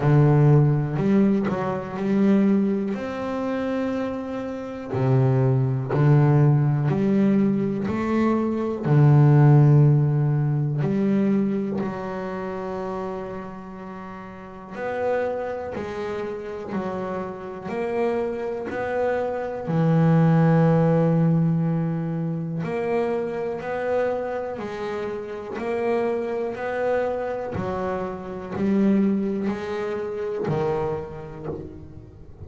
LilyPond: \new Staff \with { instrumentName = "double bass" } { \time 4/4 \tempo 4 = 61 d4 g8 fis8 g4 c'4~ | c'4 c4 d4 g4 | a4 d2 g4 | fis2. b4 |
gis4 fis4 ais4 b4 | e2. ais4 | b4 gis4 ais4 b4 | fis4 g4 gis4 dis4 | }